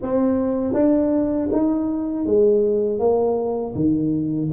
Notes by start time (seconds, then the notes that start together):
0.02 C4
0.73 D4
1.52 D#4
2.25 G#3
2.99 A#3
3.75 D#3